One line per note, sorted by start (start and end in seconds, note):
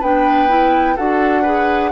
0.00 0.98 B3
0.00 0.49 D4
0.00 0.95 B4
0.00 0.97 G5
0.49 0.96 E4
0.96 1.92 D4
0.96 1.45 F#4
0.96 1.42 A4
0.96 1.92 F#5
1.42 1.92 G#4
1.42 1.90 B4